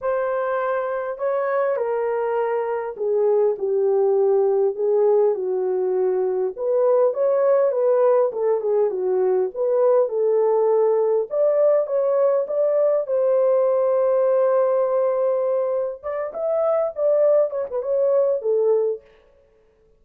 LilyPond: \new Staff \with { instrumentName = "horn" } { \time 4/4 \tempo 4 = 101 c''2 cis''4 ais'4~ | ais'4 gis'4 g'2 | gis'4 fis'2 b'4 | cis''4 b'4 a'8 gis'8 fis'4 |
b'4 a'2 d''4 | cis''4 d''4 c''2~ | c''2. d''8 e''8~ | e''8 d''4 cis''16 b'16 cis''4 a'4 | }